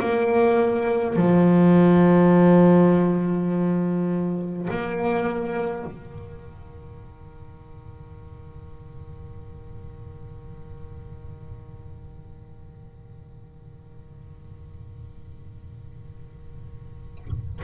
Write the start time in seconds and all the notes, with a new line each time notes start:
0.00 A#3
1.17 F3
4.71 A#3
5.86 D#3